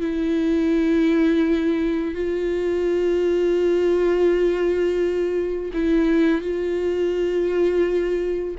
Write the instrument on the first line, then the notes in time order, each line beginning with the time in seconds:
viola
0.00 E4
2.14 F4
5.73 E4
6.41 F4